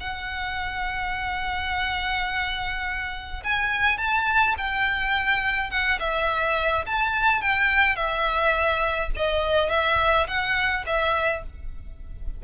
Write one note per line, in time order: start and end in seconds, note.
0.00 3.43 F#5
3.44 3.98 G#5
3.98 4.55 A5
4.57 5.70 G5
5.70 5.99 F#5
5.99 6.85 E5
6.86 7.41 A5
7.41 7.96 G5
7.96 9.10 E5
9.16 9.70 D#5
9.70 10.27 E5
10.27 10.84 F#5
10.86 11.43 E5